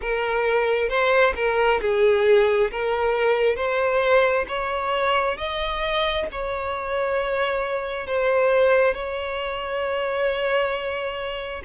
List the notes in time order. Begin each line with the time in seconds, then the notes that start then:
0.01 A#4
0.89 C5
1.35 A#4
1.81 G#4
2.71 A#4
3.56 C5
4.48 C#5
5.37 D#5
6.31 C#5
8.06 C5
8.93 C#5